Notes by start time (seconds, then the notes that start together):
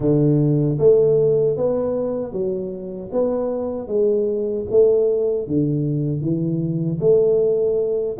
0.00 D3
0.78 A3
1.57 B3
2.32 F#3
3.12 B3
3.87 G#3
4.70 A3
5.47 D3
6.21 E3
7.00 A3